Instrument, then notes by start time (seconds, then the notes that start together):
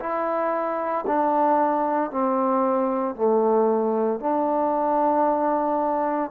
trombone
0.00 E4
1.08 D4
2.11 C4
3.16 A3
4.20 D4